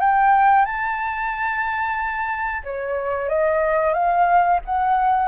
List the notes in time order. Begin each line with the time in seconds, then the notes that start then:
0.00 G5
0.65 A5
2.64 C#5
3.29 D#5
3.94 F5
4.65 F#5